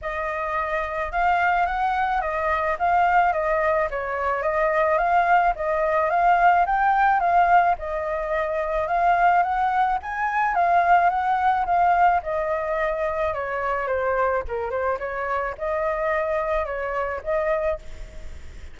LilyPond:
\new Staff \with { instrumentName = "flute" } { \time 4/4 \tempo 4 = 108 dis''2 f''4 fis''4 | dis''4 f''4 dis''4 cis''4 | dis''4 f''4 dis''4 f''4 | g''4 f''4 dis''2 |
f''4 fis''4 gis''4 f''4 | fis''4 f''4 dis''2 | cis''4 c''4 ais'8 c''8 cis''4 | dis''2 cis''4 dis''4 | }